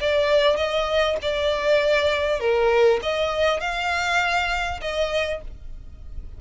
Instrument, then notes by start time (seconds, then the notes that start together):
violin
0.00 D5
0.56 D#5
1.22 D5
2.40 A#4
3.02 D#5
3.60 F5
4.81 D#5